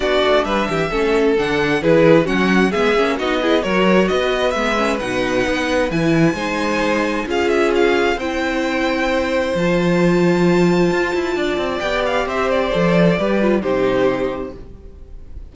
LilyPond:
<<
  \new Staff \with { instrumentName = "violin" } { \time 4/4 \tempo 4 = 132 d''4 e''2 fis''4 | b'4 fis''4 e''4 dis''4 | cis''4 dis''4 e''4 fis''4~ | fis''4 gis''2. |
f''8 e''8 f''4 g''2~ | g''4 a''2.~ | a''2 g''8 f''8 e''8 d''8~ | d''2 c''2 | }
  \new Staff \with { instrumentName = "violin" } { \time 4/4 fis'4 b'8 g'8 a'2 | gis'4 fis'4 gis'4 fis'8 gis'8 | ais'4 b'2.~ | b'2 c''2 |
gis'2 c''2~ | c''1~ | c''4 d''2 c''4~ | c''4 b'4 g'2 | }
  \new Staff \with { instrumentName = "viola" } { \time 4/4 d'2 cis'4 d'4 | e'4 cis'4 b8 cis'8 dis'8 e'8 | fis'2 b8 cis'8 dis'4~ | dis'4 e'4 dis'2 |
f'2 e'2~ | e'4 f'2.~ | f'2 g'2 | a'4 g'8 f'8 dis'2 | }
  \new Staff \with { instrumentName = "cello" } { \time 4/4 b8 a8 g8 e8 a4 d4 | e4 fis4 gis8 ais8 b4 | fis4 b4 gis4 b,4 | b4 e4 gis2 |
cis'2 c'2~ | c'4 f2. | f'8 e'8 d'8 c'8 b4 c'4 | f4 g4 c2 | }
>>